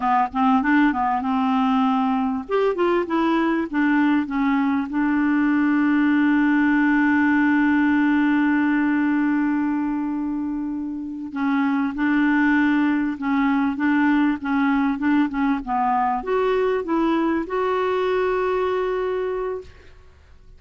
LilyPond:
\new Staff \with { instrumentName = "clarinet" } { \time 4/4 \tempo 4 = 98 b8 c'8 d'8 b8 c'2 | g'8 f'8 e'4 d'4 cis'4 | d'1~ | d'1~ |
d'2~ d'8 cis'4 d'8~ | d'4. cis'4 d'4 cis'8~ | cis'8 d'8 cis'8 b4 fis'4 e'8~ | e'8 fis'2.~ fis'8 | }